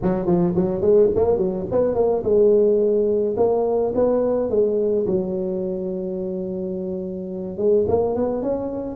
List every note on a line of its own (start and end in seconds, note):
0.02 0.26 F#3
0.26 0.54 F3
0.55 0.81 F#3
0.81 1.09 G#3
1.15 1.37 A#3
1.37 1.65 F#3
1.71 1.94 B3
1.94 2.23 A#3
2.23 3.35 G#3
3.36 3.93 A#3
3.94 4.50 B3
4.50 5.06 G#3
5.06 7.57 F#3
7.57 7.85 G#3
7.88 8.15 A#3
8.15 8.42 B3
8.42 8.95 C#4